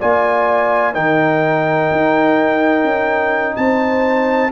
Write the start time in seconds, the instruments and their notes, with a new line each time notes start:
0.00 tuba A#3, trombone F4, horn D5, trumpet G#5
0.93 tuba D#3, trombone D#4, horn A#4, trumpet G5
1.91 tuba D#4
2.84 tuba C#4
3.56 tuba C4, horn C5, trumpet A5